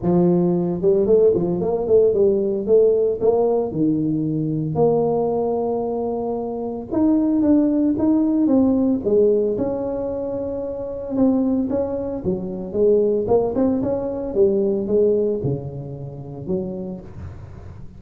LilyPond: \new Staff \with { instrumentName = "tuba" } { \time 4/4 \tempo 4 = 113 f4. g8 a8 f8 ais8 a8 | g4 a4 ais4 dis4~ | dis4 ais2.~ | ais4 dis'4 d'4 dis'4 |
c'4 gis4 cis'2~ | cis'4 c'4 cis'4 fis4 | gis4 ais8 c'8 cis'4 g4 | gis4 cis2 fis4 | }